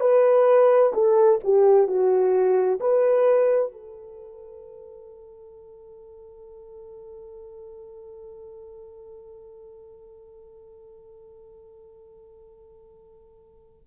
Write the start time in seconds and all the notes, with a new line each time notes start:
0.00 B4
0.93 A4
1.43 G4
1.87 F#4
2.80 B4
3.72 A4